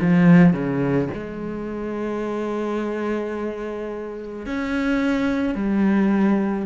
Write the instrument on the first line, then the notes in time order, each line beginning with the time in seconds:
cello
0.00 F3
0.53 C#3
1.14 G#3
4.46 C#4
5.55 G3